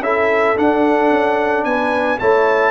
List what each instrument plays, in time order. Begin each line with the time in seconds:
0.00 tuba C#4, trombone E4, horn A4, trumpet E5
0.56 trombone D4, tuba D4, trumpet F#5
1.10 tuba C#4
1.64 tuba B3, horn B4, trumpet G#5
2.19 tuba A3, trombone E4, horn C#5, trumpet A5